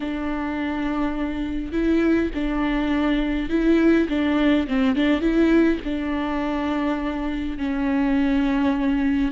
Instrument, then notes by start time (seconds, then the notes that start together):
viola
0.00 D4
1.72 E4
2.34 D4
3.49 E4
4.08 D4
4.67 C4
4.95 D4
5.20 E4
5.84 D4
7.57 C#4